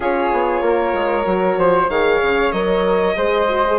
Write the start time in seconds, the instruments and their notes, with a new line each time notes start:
0.00 bassoon C#4, horn F4, flute G#4, violin C#5
0.32 bassoon B3
0.61 bassoon A#3, flute A#4
0.93 bassoon G#3
1.24 bassoon F#3, horn F#4
1.57 bassoon F3, flute C5
1.88 bassoon D#3, horn G#4, flute C#5, violin F5
2.21 bassoon C#3
2.52 bassoon F#3, horn A#4, violin D#5
3.16 bassoon G#3, horn G#4, flute C5
3.48 horn F#4
3.67 horn G#4